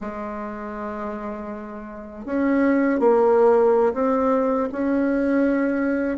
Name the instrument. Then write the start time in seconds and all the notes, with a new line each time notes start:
bassoon
0.00 G#3
2.25 C#4
2.99 A#3
3.93 C4
4.71 C#4